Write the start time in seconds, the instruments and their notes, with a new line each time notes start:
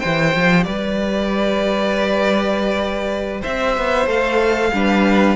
0.00 cello E3, viola G4, violin C5 G5
0.36 cello F3
0.64 cello G3, violin B4 D5
3.41 cello C4, violin C5 E5
3.77 cello B3
4.07 cello A3, viola A4, violin F5
4.73 cello G3, viola D4, violin B4